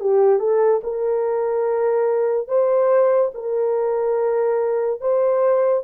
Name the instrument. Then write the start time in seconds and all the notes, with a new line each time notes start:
horn
0.00 G4
0.39 A4
0.83 A#4
2.48 C5
3.34 A#4
5.00 C5